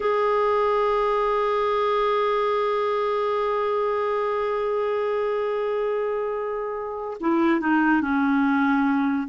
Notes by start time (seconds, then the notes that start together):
0.00 G#4
7.20 E4
7.60 D#4
8.01 C#4